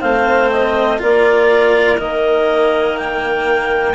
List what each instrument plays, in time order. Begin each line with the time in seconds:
0.00 bassoon A3, cello C4, clarinet C5 F5
0.51 clarinet D#5
0.99 bassoon A#3, cello F4, clarinet A#4 D5
1.98 bassoon D#3, cello A#3, clarinet D#5
2.98 clarinet G5